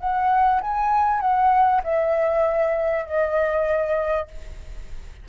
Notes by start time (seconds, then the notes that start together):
0.00 F#5
0.62 G#5
1.21 F#5
1.84 E5
3.06 D#5